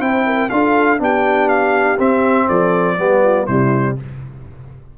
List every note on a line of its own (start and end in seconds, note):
0.00 0.50 C4
0.00 0.50 E4
0.00 0.25 C5
0.00 0.50 G5
0.26 0.50 A#4
0.50 1.00 D4
0.50 0.98 F4
0.50 1.01 A4
0.50 0.99 F5
0.98 1.99 B3
0.98 1.97 D4
0.98 2.47 G4
0.98 1.48 G5
1.48 1.98 F5
1.99 2.98 C4
1.99 2.48 C4
1.99 2.48 E5
2.47 2.98 F3
2.47 2.97 A4
2.47 3.46 D5
2.98 3.48 G3
2.98 3.47 B3
2.98 3.23 G4
3.24 3.46 F4
3.46 3.98 C3
3.46 3.97 G3
3.46 3.95 E4
3.46 3.96 C5